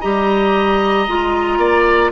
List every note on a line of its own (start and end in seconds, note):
0.00 1.07 G3
0.00 1.07 G4
0.00 1.58 D#5
0.00 2.11 A#5
1.07 1.57 G#3
1.07 2.12 F4
1.57 2.10 A#3
1.57 2.11 D5